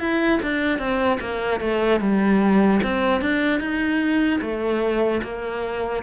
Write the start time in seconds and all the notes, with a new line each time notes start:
0.00 E4
0.43 D4
0.79 C4
1.21 A#3
1.61 A3
2.01 G3
2.83 C4
3.22 D4
3.60 D#4
4.41 A3
5.23 A#3